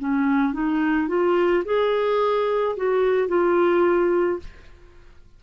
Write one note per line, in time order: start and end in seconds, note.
0.00 0.54 C#4
0.54 1.09 D#4
1.09 1.64 F4
1.65 2.76 G#4
2.77 3.28 F#4
3.28 4.39 F4